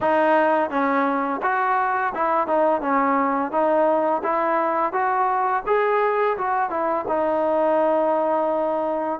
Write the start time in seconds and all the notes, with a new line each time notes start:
0.00 D#4
0.70 C#4
1.42 F#4
2.14 E4
2.47 D#4
2.81 C#4
3.51 D#4
4.23 E4
4.92 F#4
5.66 G#4
6.37 F#4
6.70 E4
7.08 D#4